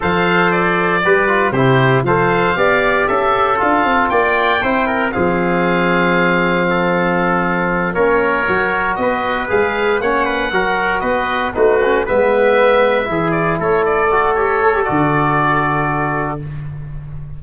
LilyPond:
<<
  \new Staff \with { instrumentName = "oboe" } { \time 4/4 \tempo 4 = 117 f''4 d''2 c''4 | f''2 e''4 f''4 | g''2 f''2~ | f''2.~ f''8 cis''8~ |
cis''4. dis''4 f''4 fis''8~ | fis''4. dis''4 b'4 e''8~ | e''2 d''8 cis''8 d''4 | cis''4 d''2. | }
  \new Staff \with { instrumentName = "trumpet" } { \time 4/4 c''2 b'4 g'4 | c''4 d''4 a'2 | d''4 c''8 ais'8 gis'2~ | gis'4 a'2~ a'8 ais'8~ |
ais'4. b'2 cis''8 | b'8 ais'4 b'4 fis'4 b'8~ | b'4. gis'4 a'4.~ | a'1 | }
  \new Staff \with { instrumentName = "trombone" } { \time 4/4 a'2 g'8 f'8 e'4 | a'4 g'2 f'4~ | f'4 e'4 c'2~ | c'2.~ c'8 cis'8~ |
cis'8 fis'2 gis'4 cis'8~ | cis'8 fis'2 dis'8 cis'8 b8~ | b4. e'2 fis'8 | g'8 a'16 g'16 fis'2. | }
  \new Staff \with { instrumentName = "tuba" } { \time 4/4 f2 g4 c4 | f4 b4 cis'4 d'8 c'8 | ais4 c'4 f2~ | f2.~ f8 ais8~ |
ais8 fis4 b4 gis4 ais8~ | ais8 fis4 b4 a4 gis8~ | gis4. e4 a4.~ | a4 d2. | }
>>